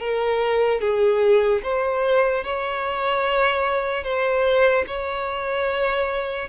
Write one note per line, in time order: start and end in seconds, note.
0.00 0.81 A#4
0.81 1.62 G#4
1.63 2.44 C5
2.44 4.04 C#5
4.04 4.85 C5
4.87 6.49 C#5